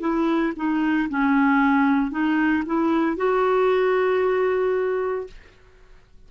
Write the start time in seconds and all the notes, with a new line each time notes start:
0.00 E4
0.56 D#4
1.09 C#4
2.11 D#4
2.66 E4
3.17 F#4